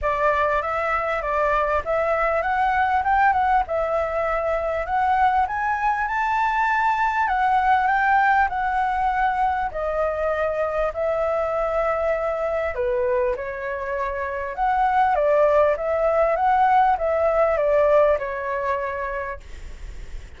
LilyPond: \new Staff \with { instrumentName = "flute" } { \time 4/4 \tempo 4 = 99 d''4 e''4 d''4 e''4 | fis''4 g''8 fis''8 e''2 | fis''4 gis''4 a''2 | fis''4 g''4 fis''2 |
dis''2 e''2~ | e''4 b'4 cis''2 | fis''4 d''4 e''4 fis''4 | e''4 d''4 cis''2 | }